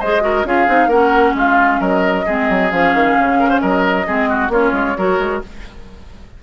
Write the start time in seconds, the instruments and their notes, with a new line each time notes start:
0.00 bassoon G#3, clarinet G#4, oboe C5, flute D#5
0.21 clarinet F#4, oboe A#4
0.45 bassoon C#4, clarinet F4, oboe G#4, flute F5
0.68 bassoon C4, clarinet D#4
0.88 bassoon A#3, clarinet C#4, oboe A#4, flute F#5
1.35 bassoon G#3, oboe F4, flute F5
1.81 bassoon F#3, oboe A#4, flute D#5
2.26 bassoon G#3, clarinet C4, oboe G#4
2.50 bassoon F#3
2.71 bassoon F3, clarinet C#4, flute F5
2.94 bassoon D#3
3.19 bassoon C#3
3.40 oboe A#4
3.50 oboe C5
3.61 bassoon F#3, oboe A#4, flute D#5
4.06 bassoon G#3, clarinet C4, oboe G#4
4.30 oboe F#4
4.49 bassoon A#3, clarinet C#4, oboe F4, flute C#5
4.73 bassoon G#3
4.97 bassoon F#3, clarinet F#4, oboe A#4
5.19 bassoon G#3